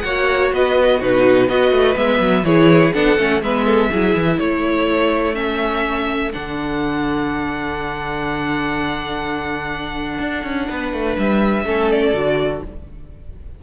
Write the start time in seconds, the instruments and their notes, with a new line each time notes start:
0.00 cello A#3, viola F#4, violin C#5 F#5
0.53 cello B3, violin B4 D#5
0.98 cello B2, viola D#4, violin F#4 B4
1.48 cello B3, viola F#4, violin B4 D#5
1.71 cello A3
1.95 cello G#3, viola B3, violin E5
2.19 cello F#3
2.44 cello E3, viola E4, violin G#4 C#5
2.93 cello B3, viola D4, violin A4 F#5
3.18 cello A3, viola C#4
3.42 cello G#3, viola B3, violin B4 E5
3.65 violin A4
3.91 cello F#3, viola E4, violin G#4
4.15 cello E3
4.39 cello A3, violin A4 C#5
5.34 viola C#4, violin E5
6.33 cello D3, viola D4, violin F#5
10.19 cello D4
10.43 cello C#4
10.69 cello B3, violin B4
10.93 cello A3
11.18 cello G3, violin E5
11.65 cello A3, viola C#4, violin A4
11.91 violin D5
12.14 cello D3, viola F#4